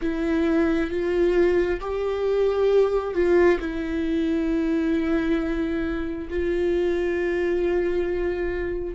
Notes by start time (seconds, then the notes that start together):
0.01 E4
0.90 F4
1.80 G4
3.14 F4
3.59 E4
6.29 F4